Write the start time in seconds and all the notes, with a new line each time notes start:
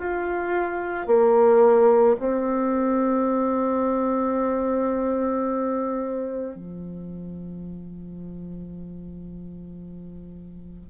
0.00 F4
1.07 A#3
2.20 C4
6.56 F3